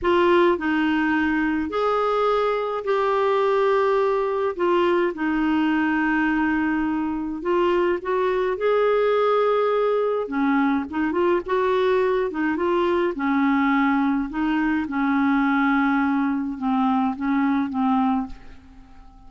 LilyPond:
\new Staff \with { instrumentName = "clarinet" } { \time 4/4 \tempo 4 = 105 f'4 dis'2 gis'4~ | gis'4 g'2. | f'4 dis'2.~ | dis'4 f'4 fis'4 gis'4~ |
gis'2 cis'4 dis'8 f'8 | fis'4. dis'8 f'4 cis'4~ | cis'4 dis'4 cis'2~ | cis'4 c'4 cis'4 c'4 | }